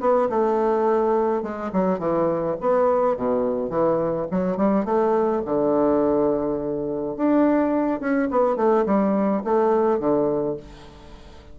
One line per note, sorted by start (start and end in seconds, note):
0.00 0.29 B3
0.29 1.43 A3
1.43 1.71 G#3
1.72 1.99 F#3
1.99 2.56 E3
2.61 3.17 B3
3.17 3.70 B2
3.70 4.27 E3
4.31 4.57 F#3
4.57 4.85 G3
4.85 5.42 A3
5.45 7.17 D3
7.17 8.00 D4
8.00 8.29 C#4
8.31 8.56 B3
8.56 8.85 A3
8.86 9.43 G3
9.44 9.99 A3
9.99 10.57 D3